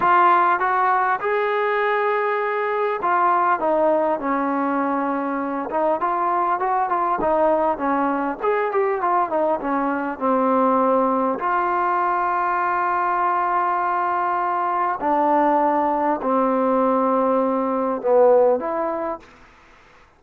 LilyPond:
\new Staff \with { instrumentName = "trombone" } { \time 4/4 \tempo 4 = 100 f'4 fis'4 gis'2~ | gis'4 f'4 dis'4 cis'4~ | cis'4. dis'8 f'4 fis'8 f'8 | dis'4 cis'4 gis'8 g'8 f'8 dis'8 |
cis'4 c'2 f'4~ | f'1~ | f'4 d'2 c'4~ | c'2 b4 e'4 | }